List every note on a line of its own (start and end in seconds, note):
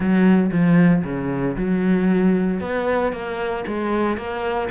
0.00 0.51 F#3
0.51 1.03 F3
1.04 1.56 C#3
1.56 2.60 F#3
2.60 3.12 B3
3.12 3.64 A#3
3.67 4.17 G#3
4.17 4.69 A#3